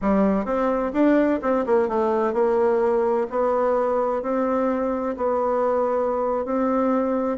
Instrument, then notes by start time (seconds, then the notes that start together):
bassoon
0.01 G3
0.45 C4
0.93 D4
1.41 C4
1.66 A#3
1.88 A3
2.33 A#3
3.30 B3
4.22 C4
5.16 B3
6.45 C4